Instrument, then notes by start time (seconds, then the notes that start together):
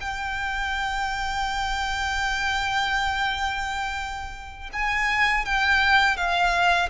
violin
0.00 G5
4.73 G#5
5.45 G5
6.16 F5